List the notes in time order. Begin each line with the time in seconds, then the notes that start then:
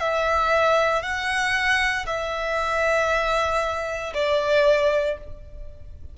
0.00 E5
1.03 F#5
2.07 E5
4.15 D5